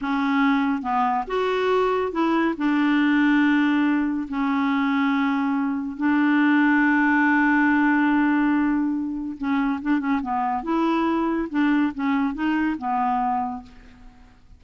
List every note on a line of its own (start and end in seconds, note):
0.01 0.82 C#4
0.82 1.24 B3
1.27 2.12 F#4
2.12 2.54 E4
2.57 4.27 D4
4.28 5.97 C#4
5.97 9.37 D4
9.37 9.80 C#4
9.81 9.99 D4
9.99 10.21 C#4
10.22 10.63 B3
10.63 11.48 E4
11.49 11.92 D4
11.94 12.33 C#4
12.33 12.76 D#4
12.78 13.63 B3